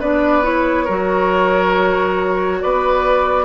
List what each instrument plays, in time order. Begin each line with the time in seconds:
0.00 bassoon B3, clarinet D4, oboe B4, flute D5
0.43 clarinet E4, flute C#5
0.85 bassoon F#3, clarinet F#4, oboe A#4
2.62 bassoon B3, oboe B4, flute D5